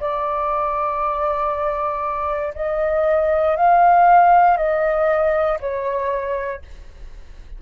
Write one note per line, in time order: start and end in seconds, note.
0.00 2.54 D5
2.55 3.56 D#5
3.56 4.57 F5
4.57 5.59 D#5
5.61 6.62 C#5